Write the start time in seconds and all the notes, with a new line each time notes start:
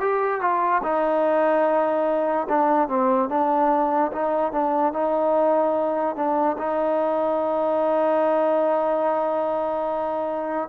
0.00 G4
0.40 F4
0.83 D#4
2.48 D4
2.88 C4
3.29 D4
4.12 D#4
4.52 D4
4.93 D#4
6.15 D4
6.58 D#4